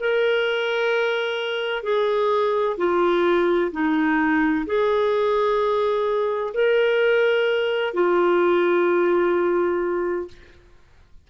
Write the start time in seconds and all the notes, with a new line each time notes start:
0.00 A#4
1.84 G#4
2.78 F4
3.72 D#4
4.67 G#4
6.55 A#4
7.94 F4